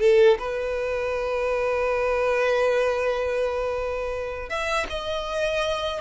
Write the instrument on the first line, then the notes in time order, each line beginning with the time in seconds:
violin
0.00 A4
0.39 B4
4.49 E5
4.89 D#5